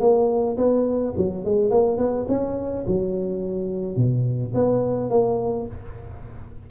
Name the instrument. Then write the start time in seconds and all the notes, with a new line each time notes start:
tuba
0.00 A#3
0.57 B3
1.17 F#3
1.45 G#3
1.70 A#3
1.98 B3
2.28 C#4
2.87 F#3
3.96 B2
4.54 B3
5.10 A#3